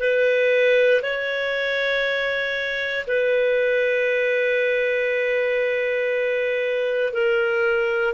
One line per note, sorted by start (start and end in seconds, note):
0.00 1.02 B4
1.03 3.06 C#5
3.08 7.14 B4
7.14 8.14 A#4